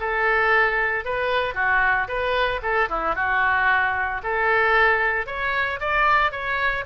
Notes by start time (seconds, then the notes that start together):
0.00 A4
1.05 B4
1.54 F#4
2.08 B4
2.62 A4
2.89 E4
3.15 F#4
4.23 A4
5.26 C#5
5.80 D5
6.31 C#5